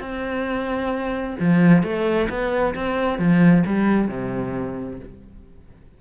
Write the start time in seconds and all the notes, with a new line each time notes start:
0.00 C4
1.39 F3
1.82 A3
2.29 B3
2.75 C4
3.18 F3
3.66 G3
4.08 C3